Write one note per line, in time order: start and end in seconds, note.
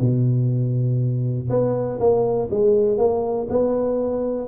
0.00 1.49 B2
1.49 1.99 B3
1.99 2.49 A#3
2.51 2.98 G#3
2.98 3.47 A#3
3.49 4.48 B3